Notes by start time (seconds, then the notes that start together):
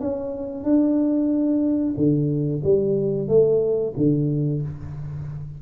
0.00 C#4
0.64 D4
1.97 D3
2.64 G3
3.28 A3
3.97 D3